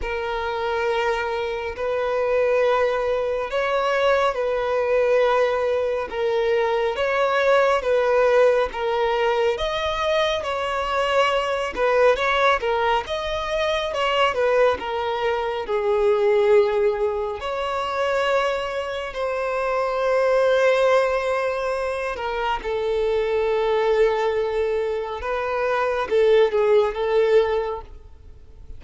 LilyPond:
\new Staff \with { instrumentName = "violin" } { \time 4/4 \tempo 4 = 69 ais'2 b'2 | cis''4 b'2 ais'4 | cis''4 b'4 ais'4 dis''4 | cis''4. b'8 cis''8 ais'8 dis''4 |
cis''8 b'8 ais'4 gis'2 | cis''2 c''2~ | c''4. ais'8 a'2~ | a'4 b'4 a'8 gis'8 a'4 | }